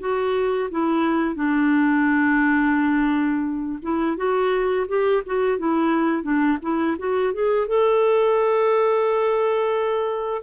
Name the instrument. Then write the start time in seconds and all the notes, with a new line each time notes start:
clarinet
0.00 F#4
0.71 E4
1.35 D4
3.82 E4
4.17 F#4
4.88 G4
5.26 F#4
5.58 E4
6.23 D4
6.62 E4
6.99 F#4
7.34 G#4
7.67 A4